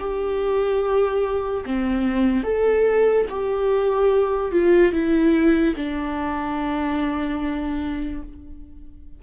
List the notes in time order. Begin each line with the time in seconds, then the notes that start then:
0.00 G4
1.66 C4
2.44 A4
3.30 G4
4.52 F4
4.93 E4
5.76 D4